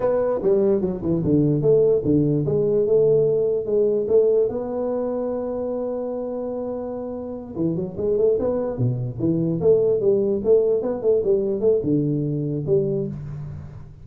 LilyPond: \new Staff \with { instrumentName = "tuba" } { \time 4/4 \tempo 4 = 147 b4 g4 fis8 e8 d4 | a4 d4 gis4 a4~ | a4 gis4 a4 b4~ | b1~ |
b2~ b8 e8 fis8 gis8 | a8 b4 b,4 e4 a8~ | a8 g4 a4 b8 a8 g8~ | g8 a8 d2 g4 | }